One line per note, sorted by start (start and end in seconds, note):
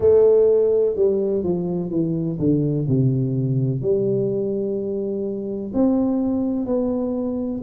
0.00 0.95 A3
0.95 1.43 G3
1.43 1.90 F3
1.90 2.38 E3
2.39 2.87 D3
2.88 3.81 C3
3.81 5.71 G3
5.73 6.65 C4
6.65 7.61 B3